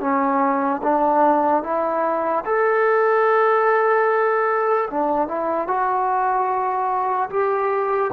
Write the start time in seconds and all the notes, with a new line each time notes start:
0.00 C#4
0.83 D4
1.63 E4
2.45 A4
4.91 D4
5.28 E4
5.67 F#4
7.30 G4